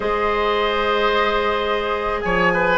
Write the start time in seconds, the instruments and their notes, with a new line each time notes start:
0.00 bassoon G#3, clarinet G#4, oboe C5, flute D#5
2.21 bassoon F3, oboe C#5, flute G#5
2.53 oboe B4